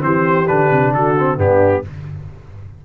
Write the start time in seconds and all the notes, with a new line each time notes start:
0.00 E3 C4 G4 C5
0.48 D3 D4 B4
0.71 C3
0.94 D3 F#4 A4
1.19 C4
1.37 G2 B3 D4 G4